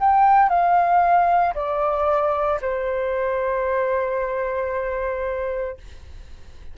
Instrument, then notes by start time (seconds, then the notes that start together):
flute
0.00 G5
0.49 F5
1.55 D5
2.62 C5